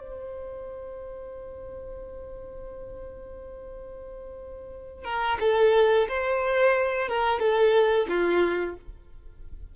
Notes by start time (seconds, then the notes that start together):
0.00 C5
5.05 A#4
5.41 A4
6.09 C5
7.09 A#4
7.40 A4
8.09 F4